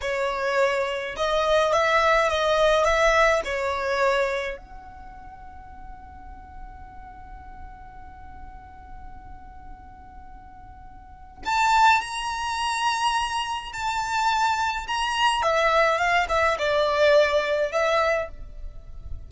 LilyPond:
\new Staff \with { instrumentName = "violin" } { \time 4/4 \tempo 4 = 105 cis''2 dis''4 e''4 | dis''4 e''4 cis''2 | fis''1~ | fis''1~ |
fis''1 | a''4 ais''2. | a''2 ais''4 e''4 | f''8 e''8 d''2 e''4 | }